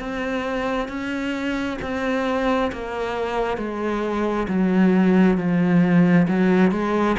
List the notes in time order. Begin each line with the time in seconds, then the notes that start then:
0.00 C4
0.88 C#4
1.82 C4
2.72 A#3
3.57 G#3
4.49 F#3
5.38 F3
6.28 F#3
6.72 G#3